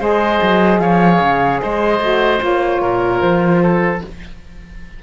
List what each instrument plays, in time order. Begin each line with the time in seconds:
0.00 cello G#3, saxophone G#4, oboe C5, flute D#5
0.42 cello F#3
0.79 cello F3, oboe C#5, flute F5
1.20 cello C#3
1.62 cello G#3, oboe C5, flute D#5
2.00 cello A3, saxophone F#4
2.40 cello A#3, saxophone F4, flute C#5
2.82 cello A#2, oboe A#4
3.21 cello F3, flute C5
3.63 oboe A4